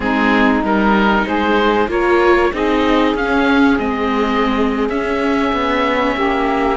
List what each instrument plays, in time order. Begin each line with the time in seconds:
0.00 cello G#3, viola C4, saxophone D#4, oboe G#4
0.62 cello G3, viola D#4, oboe A#4
1.26 cello G#3, saxophone G#4, oboe C5
1.87 cello A#3, viola F4, saxophone A#4, oboe C#5
2.51 cello C4, viola D#4, saxophone G#4, oboe D#5
3.14 cello C#4, viola C#4, oboe F5
3.78 cello G#3, viola C4, oboe D#5
4.89 cello C#4, viola C#4, oboe E5
5.52 cello B3
6.14 cello A#3, saxophone G4